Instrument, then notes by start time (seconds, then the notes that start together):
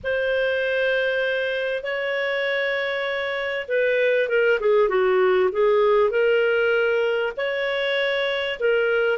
clarinet
0.03 C5
1.83 C#5
3.68 B4
4.28 A#4
4.59 G#4
4.88 F#4
5.52 G#4
6.10 A#4
7.36 C#5
8.59 A#4